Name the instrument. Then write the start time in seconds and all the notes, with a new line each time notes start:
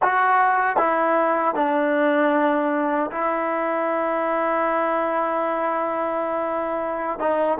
trombone
0.02 F#4
0.77 E4
1.54 D4
3.11 E4
7.19 D#4